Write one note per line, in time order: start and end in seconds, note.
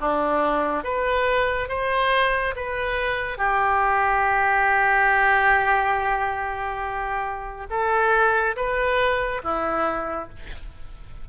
0.00 0.84 D4
0.84 1.69 B4
1.69 2.54 C5
2.56 3.38 B4
3.38 7.66 G4
7.70 8.56 A4
8.56 9.42 B4
9.43 10.29 E4